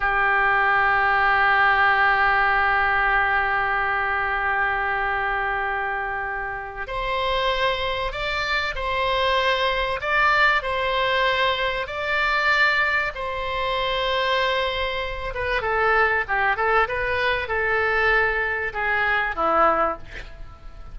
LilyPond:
\new Staff \with { instrumentName = "oboe" } { \time 4/4 \tempo 4 = 96 g'1~ | g'1~ | g'2. c''4~ | c''4 d''4 c''2 |
d''4 c''2 d''4~ | d''4 c''2.~ | c''8 b'8 a'4 g'8 a'8 b'4 | a'2 gis'4 e'4 | }